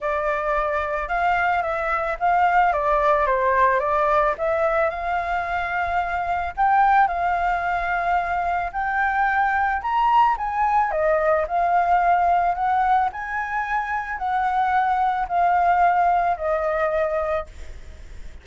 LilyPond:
\new Staff \with { instrumentName = "flute" } { \time 4/4 \tempo 4 = 110 d''2 f''4 e''4 | f''4 d''4 c''4 d''4 | e''4 f''2. | g''4 f''2. |
g''2 ais''4 gis''4 | dis''4 f''2 fis''4 | gis''2 fis''2 | f''2 dis''2 | }